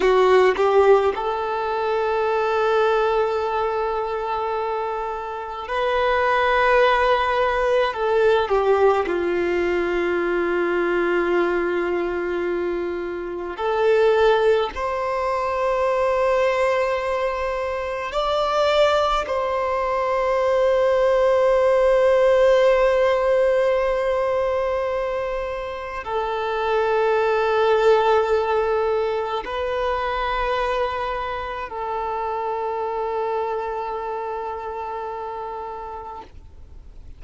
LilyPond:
\new Staff \with { instrumentName = "violin" } { \time 4/4 \tempo 4 = 53 fis'8 g'8 a'2.~ | a'4 b'2 a'8 g'8 | f'1 | a'4 c''2. |
d''4 c''2.~ | c''2. a'4~ | a'2 b'2 | a'1 | }